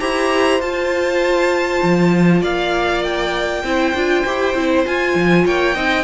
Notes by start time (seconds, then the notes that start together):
0.00 E4 G4 C5 A#5
0.60 F4 A5
1.83 F3
2.42 A#3 D5 F5
3.04 G5
3.64 C4 E4 C5
3.94 D4 F4
4.26 E4 G4
4.55 C4 E4
4.86 F4 G#5
5.16 F3
5.46 A#3 C#5 G5
5.75 C4 D#4 D#5